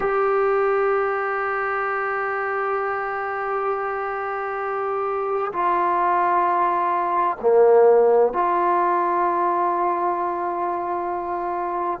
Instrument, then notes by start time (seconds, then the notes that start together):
trombone
0.00 G4
5.52 F4
7.41 A#3
8.33 F4